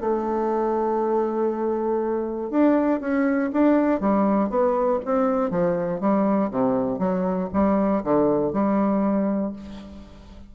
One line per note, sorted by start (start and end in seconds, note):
0.00 2.50 A3
2.50 3.00 D4
3.00 3.50 C#4
3.53 4.00 D4
4.00 4.50 G3
4.50 5.00 B3
5.05 5.50 C4
5.50 6.00 F3
6.00 6.50 G3
6.51 6.99 C3
6.99 7.49 F#3
7.53 8.03 G3
8.03 8.53 D3
8.53 9.53 G3